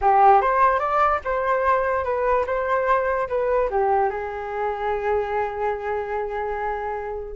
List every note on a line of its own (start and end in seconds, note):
0.01 0.41 G4
0.41 0.79 C5
0.79 1.20 D5
1.24 2.04 C5
2.04 2.45 B4
2.46 3.28 C5
3.28 3.69 B4
3.70 4.09 G4
4.09 7.35 G#4